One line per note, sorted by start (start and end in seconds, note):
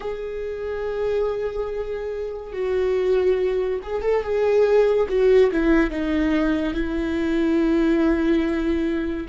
0.00 2.52 G#4
2.52 3.79 F#4
3.82 4.02 G#4
4.02 4.23 A4
4.23 5.07 G#4
5.08 5.50 F#4
5.51 5.90 E4
5.90 6.73 D#4
6.73 9.27 E4